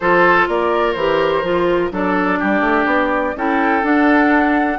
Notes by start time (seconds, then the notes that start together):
0.00 F3 F4 A4 C5
0.48 A#3 A#4 D5
0.92 E3 G4 C5
1.43 F3 F4
1.91 F#3 D4 A4 D5
2.39 G3 G4
2.60 A3
2.85 B3
3.35 C#4 E4 A4 G5
3.82 D4 F#5